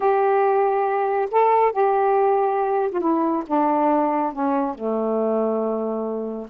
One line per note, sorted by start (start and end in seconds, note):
0.00 1.29 G4
1.31 1.72 A4
1.72 2.90 G4
2.91 3.00 F4
3.00 3.43 E4
3.46 4.33 D4
4.33 4.74 C#4
4.74 6.47 A3